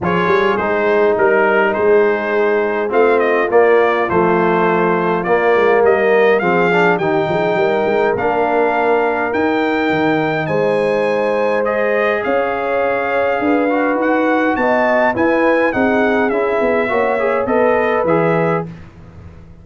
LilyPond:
<<
  \new Staff \with { instrumentName = "trumpet" } { \time 4/4 \tempo 4 = 103 cis''4 c''4 ais'4 c''4~ | c''4 f''8 dis''8 d''4 c''4~ | c''4 d''4 dis''4 f''4 | g''2 f''2 |
g''2 gis''2 | dis''4 f''2. | fis''4 a''4 gis''4 fis''4 | e''2 dis''4 e''4 | }
  \new Staff \with { instrumentName = "horn" } { \time 4/4 gis'2 ais'4 gis'4~ | gis'4 f'2.~ | f'2 ais'4 gis'4 | g'8 gis'8 ais'2.~ |
ais'2 c''2~ | c''4 cis''2 b'4~ | b'4 dis''4 b'4 gis'4~ | gis'4 cis''4 b'2 | }
  \new Staff \with { instrumentName = "trombone" } { \time 4/4 f'4 dis'2.~ | dis'4 c'4 ais4 a4~ | a4 ais2 c'8 d'8 | dis'2 d'2 |
dis'1 | gis'2.~ gis'8 fis'8~ | fis'2 e'4 dis'4 | e'4 fis'8 gis'8 a'4 gis'4 | }
  \new Staff \with { instrumentName = "tuba" } { \time 4/4 f8 g8 gis4 g4 gis4~ | gis4 a4 ais4 f4~ | f4 ais8 gis8 g4 f4 | dis8 f8 g8 gis8 ais2 |
dis'4 dis4 gis2~ | gis4 cis'2 d'4 | dis'4 b4 e'4 c'4 | cis'8 b8 ais4 b4 e4 | }
>>